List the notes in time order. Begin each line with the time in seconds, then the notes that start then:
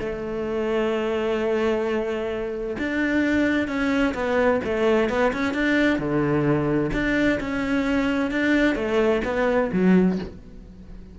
0.00 A3
2.79 D4
3.68 C#4
4.15 B3
4.65 A3
5.10 B3
5.33 C#4
5.54 D4
5.99 D3
6.93 D4
7.40 C#4
8.31 D4
8.76 A3
9.25 B3
9.73 F#3